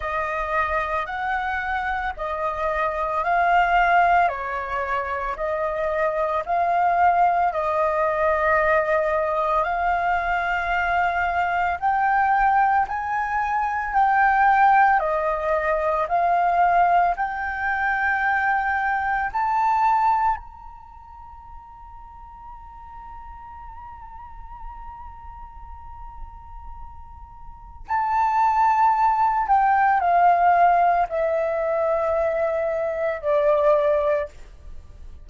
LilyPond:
\new Staff \with { instrumentName = "flute" } { \time 4/4 \tempo 4 = 56 dis''4 fis''4 dis''4 f''4 | cis''4 dis''4 f''4 dis''4~ | dis''4 f''2 g''4 | gis''4 g''4 dis''4 f''4 |
g''2 a''4 ais''4~ | ais''1~ | ais''2 a''4. g''8 | f''4 e''2 d''4 | }